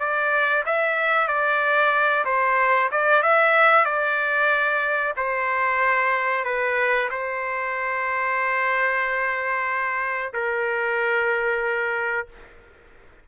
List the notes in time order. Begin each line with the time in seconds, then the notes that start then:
0.00 D5
0.66 E5
1.28 D5
2.26 C5
2.92 D5
3.23 E5
3.85 D5
5.17 C5
6.45 B4
7.11 C5
10.34 A#4